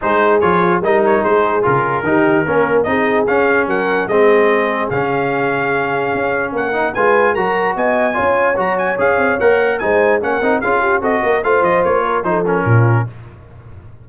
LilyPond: <<
  \new Staff \with { instrumentName = "trumpet" } { \time 4/4 \tempo 4 = 147 c''4 cis''4 dis''8 cis''8 c''4 | ais'2. dis''4 | f''4 fis''4 dis''2 | f''1 |
fis''4 gis''4 ais''4 gis''4~ | gis''4 ais''8 gis''8 f''4 fis''4 | gis''4 fis''4 f''4 dis''4 | f''8 dis''8 cis''4 c''8 ais'4. | }
  \new Staff \with { instrumentName = "horn" } { \time 4/4 gis'2 ais'4 gis'4~ | gis'4 g'4 ais'4 gis'4~ | gis'4 ais'4 gis'2~ | gis'1 |
ais'4 b'4 ais'4 dis''4 | cis''1 | c''4 ais'4 gis'8 g'8 a'8 ais'8 | c''4. ais'8 a'4 f'4 | }
  \new Staff \with { instrumentName = "trombone" } { \time 4/4 dis'4 f'4 dis'2 | f'4 dis'4 cis'4 dis'4 | cis'2 c'2 | cis'1~ |
cis'8 dis'8 f'4 fis'2 | f'4 fis'4 gis'4 ais'4 | dis'4 cis'8 dis'8 f'4 fis'4 | f'2 dis'8 cis'4. | }
  \new Staff \with { instrumentName = "tuba" } { \time 4/4 gis4 f4 g4 gis4 | cis4 dis4 ais4 c'4 | cis'4 fis4 gis2 | cis2. cis'4 |
ais4 gis4 fis4 b4 | cis'4 fis4 cis'8 c'8 ais4 | gis4 ais8 c'8 cis'4 c'8 ais8 | a8 f8 ais4 f4 ais,4 | }
>>